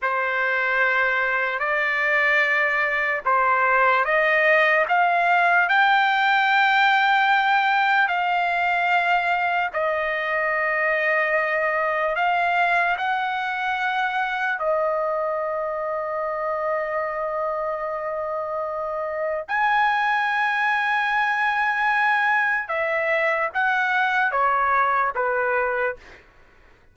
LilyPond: \new Staff \with { instrumentName = "trumpet" } { \time 4/4 \tempo 4 = 74 c''2 d''2 | c''4 dis''4 f''4 g''4~ | g''2 f''2 | dis''2. f''4 |
fis''2 dis''2~ | dis''1 | gis''1 | e''4 fis''4 cis''4 b'4 | }